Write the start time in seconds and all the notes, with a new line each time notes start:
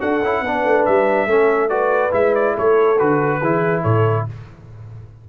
0.00 D4 F#4 A4 F#5
0.23 C#4 E4
0.42 B3 D4 B4
0.65 A3
0.86 G3 E5
1.26 A3 C#4 A4
1.69 F#4 B4 D5
2.12 G#3 E4 E5
2.35 D5
2.55 A3 A4 C#5
2.99 D3 F#4 B4
3.41 E3 E4 G#4
3.83 A2 A4 C#5